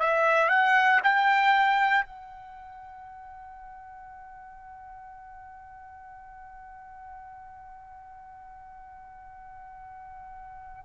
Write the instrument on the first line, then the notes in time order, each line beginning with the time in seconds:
trumpet
0.00 E5
0.49 F#5
1.03 G5
2.05 F#5